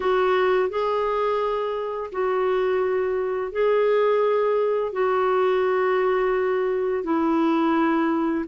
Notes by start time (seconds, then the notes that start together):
0.00 F#4
0.69 G#4
2.12 F#4
3.52 G#4
4.92 F#4
7.03 E4